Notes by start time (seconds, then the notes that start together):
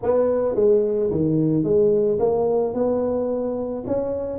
0.02 B3
0.55 G#3
1.10 D#3
1.63 G#3
2.19 A#3
2.74 B3
3.87 C#4